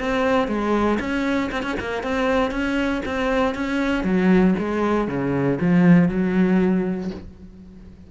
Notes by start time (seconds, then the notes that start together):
0.00 C4
0.48 G#3
1.00 C#4
1.52 C4
1.63 C#4
1.80 A#3
2.04 C4
2.52 C#4
3.06 C4
3.55 C#4
4.04 F#3
4.59 G#3
5.08 C#3
5.61 F3
6.09 F#3